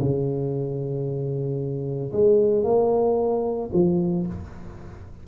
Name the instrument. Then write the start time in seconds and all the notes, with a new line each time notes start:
tuba
0.00 C#3
2.13 G#3
2.64 A#3
3.74 F3